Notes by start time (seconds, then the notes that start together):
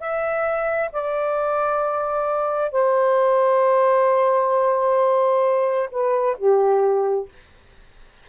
0.00 E5
0.92 D5
2.71 C5
5.91 B4
6.38 G4